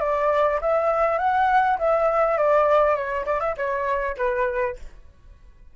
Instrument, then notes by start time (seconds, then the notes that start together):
flute
0.00 D5
0.61 E5
1.18 F#5
1.78 E5
2.37 D5
2.95 C#5
3.25 D5
3.40 E5
3.57 C#5
4.17 B4